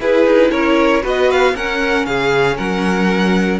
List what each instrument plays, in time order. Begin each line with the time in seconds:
0.00 cello E4, viola E4, violin G#4 B4
0.25 cello D#4
0.51 cello C#4, violin A#4 C#5
1.01 cello B3, viola F#4, violin B4 D#5
1.30 violin F5
1.54 cello C#4, viola C#4, violin A#4 F#5
2.05 cello C#3, violin G#4 F5
2.56 cello F#3, violin A#4 F#5